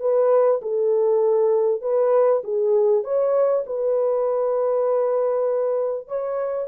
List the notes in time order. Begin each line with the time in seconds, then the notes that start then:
0.00 B4
0.62 A4
1.82 B4
2.44 G#4
3.04 C#5
3.66 B4
6.08 C#5